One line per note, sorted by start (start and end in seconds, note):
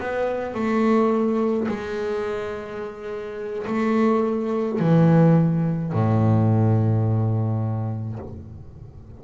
0.00 0.54 B3
0.54 1.67 A3
1.68 3.66 G#3
3.67 4.80 A3
4.80 5.93 E3
5.93 8.19 A2